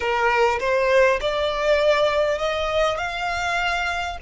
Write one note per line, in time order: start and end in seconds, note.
0.00 0.59 A#4
0.59 1.19 C5
1.20 2.38 D5
2.38 2.97 D#5
2.97 4.17 F5